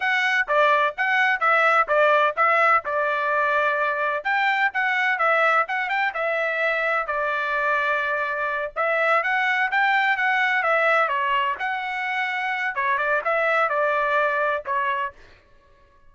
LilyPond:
\new Staff \with { instrumentName = "trumpet" } { \time 4/4 \tempo 4 = 127 fis''4 d''4 fis''4 e''4 | d''4 e''4 d''2~ | d''4 g''4 fis''4 e''4 | fis''8 g''8 e''2 d''4~ |
d''2~ d''8 e''4 fis''8~ | fis''8 g''4 fis''4 e''4 cis''8~ | cis''8 fis''2~ fis''8 cis''8 d''8 | e''4 d''2 cis''4 | }